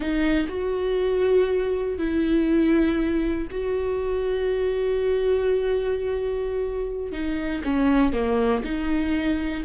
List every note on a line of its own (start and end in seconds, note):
0.00 0.47 D#4
0.48 1.97 F#4
1.97 3.47 E4
3.50 7.12 F#4
7.12 7.62 D#4
7.64 8.12 C#4
8.12 8.62 A#3
8.64 9.64 D#4